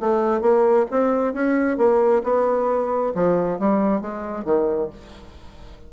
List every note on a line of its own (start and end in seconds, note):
0.00 0.41 A3
0.41 0.86 A#3
0.91 1.34 C4
1.34 1.78 C#4
1.78 2.22 A#3
2.23 3.13 B3
3.14 3.59 F3
3.59 4.01 G3
4.01 4.45 G#3
4.45 4.89 D#3